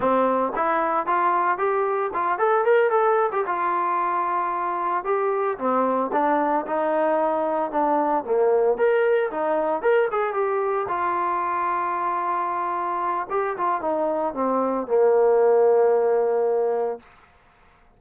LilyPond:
\new Staff \with { instrumentName = "trombone" } { \time 4/4 \tempo 4 = 113 c'4 e'4 f'4 g'4 | f'8 a'8 ais'8 a'8. g'16 f'4.~ | f'4. g'4 c'4 d'8~ | d'8 dis'2 d'4 ais8~ |
ais8 ais'4 dis'4 ais'8 gis'8 g'8~ | g'8 f'2.~ f'8~ | f'4 g'8 f'8 dis'4 c'4 | ais1 | }